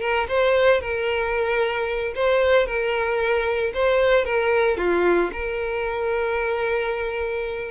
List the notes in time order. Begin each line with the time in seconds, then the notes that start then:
0.00 A#4
0.28 C5
0.81 A#4
2.15 C5
2.66 A#4
3.74 C5
4.24 A#4
4.77 F4
5.32 A#4